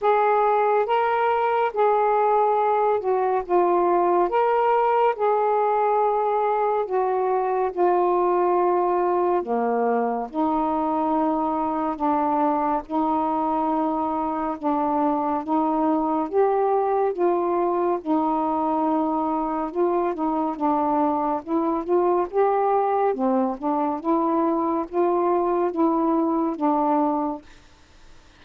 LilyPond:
\new Staff \with { instrumentName = "saxophone" } { \time 4/4 \tempo 4 = 70 gis'4 ais'4 gis'4. fis'8 | f'4 ais'4 gis'2 | fis'4 f'2 ais4 | dis'2 d'4 dis'4~ |
dis'4 d'4 dis'4 g'4 | f'4 dis'2 f'8 dis'8 | d'4 e'8 f'8 g'4 c'8 d'8 | e'4 f'4 e'4 d'4 | }